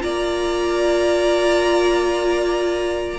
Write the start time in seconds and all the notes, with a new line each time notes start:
0.00 A#3 F4 D5 A#5